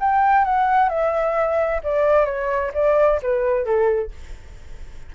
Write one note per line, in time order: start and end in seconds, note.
0.00 0.44 G5
0.44 0.89 F#5
0.89 1.81 E5
1.84 2.26 D5
2.26 2.72 C#5
2.74 3.20 D5
3.22 3.65 B4
3.65 4.11 A4